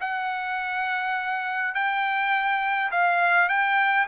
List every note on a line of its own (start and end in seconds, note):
0.00 1.74 F#5
1.74 2.91 G5
2.91 3.48 F5
3.48 4.07 G5